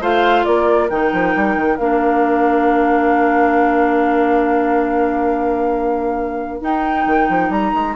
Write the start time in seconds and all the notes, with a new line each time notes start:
0.00 A3 F4 C5 F5
0.44 A#3 A#4 D5
0.89 D#3 D#4 G5
1.12 F3
1.35 G3
1.56 D#3
1.76 A#3 D4 F5
6.61 D#4 G5
7.06 D#3
7.29 F3
7.49 G3 A#5
7.74 G#3